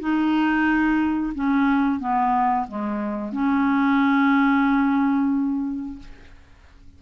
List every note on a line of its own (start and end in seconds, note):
0.00 1.33 D#4
1.35 2.00 C#4
2.00 2.67 B3
2.68 3.32 G#3
3.32 5.99 C#4